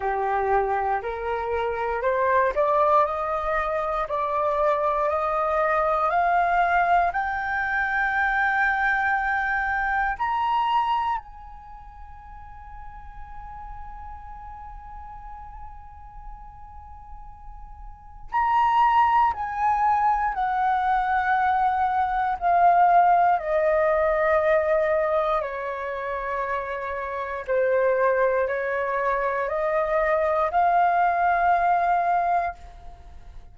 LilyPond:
\new Staff \with { instrumentName = "flute" } { \time 4/4 \tempo 4 = 59 g'4 ais'4 c''8 d''8 dis''4 | d''4 dis''4 f''4 g''4~ | g''2 ais''4 gis''4~ | gis''1~ |
gis''2 ais''4 gis''4 | fis''2 f''4 dis''4~ | dis''4 cis''2 c''4 | cis''4 dis''4 f''2 | }